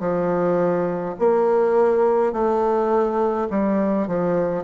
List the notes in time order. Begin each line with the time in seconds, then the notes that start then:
0.00 F3
1.19 A#3
2.33 A3
3.50 G3
4.08 F3